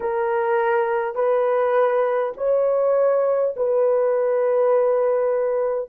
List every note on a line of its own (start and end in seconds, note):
0.00 1.15 A#4
1.15 2.32 B4
2.37 3.55 C#5
3.56 5.89 B4